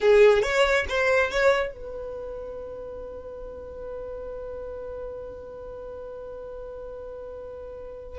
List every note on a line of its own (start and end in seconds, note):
0.00 0.42 G#4
0.42 0.85 C#5
0.88 1.30 C5
1.30 1.72 C#5
1.72 8.19 B4